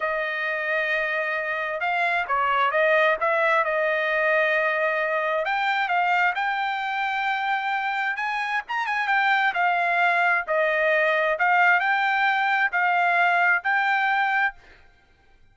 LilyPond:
\new Staff \with { instrumentName = "trumpet" } { \time 4/4 \tempo 4 = 132 dis''1 | f''4 cis''4 dis''4 e''4 | dis''1 | g''4 f''4 g''2~ |
g''2 gis''4 ais''8 gis''8 | g''4 f''2 dis''4~ | dis''4 f''4 g''2 | f''2 g''2 | }